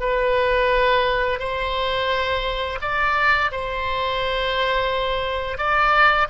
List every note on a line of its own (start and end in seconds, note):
0.00 1.39 B4
1.39 2.79 C5
2.82 3.51 D5
3.51 5.58 C5
5.58 6.28 D5